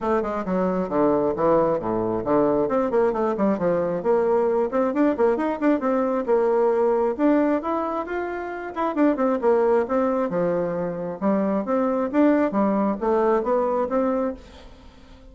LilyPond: \new Staff \with { instrumentName = "bassoon" } { \time 4/4 \tempo 4 = 134 a8 gis8 fis4 d4 e4 | a,4 d4 c'8 ais8 a8 g8 | f4 ais4. c'8 d'8 ais8 | dis'8 d'8 c'4 ais2 |
d'4 e'4 f'4. e'8 | d'8 c'8 ais4 c'4 f4~ | f4 g4 c'4 d'4 | g4 a4 b4 c'4 | }